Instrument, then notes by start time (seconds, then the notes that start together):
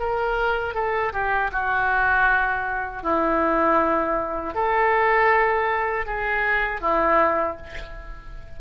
oboe
0.00 A#4
0.75 A4
1.13 G4
1.52 F#4
3.03 E4
4.55 A4
6.07 G#4
6.81 E4